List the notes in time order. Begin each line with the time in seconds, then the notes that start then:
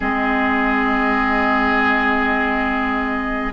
0.00 G#3 C4 G#4 D#5